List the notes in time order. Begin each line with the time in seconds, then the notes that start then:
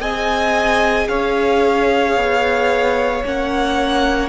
0.00 C4 G#4 D#5 G#5
1.08 C#4 C#5 F5
2.16 B3
3.24 A#3 C#4 F#5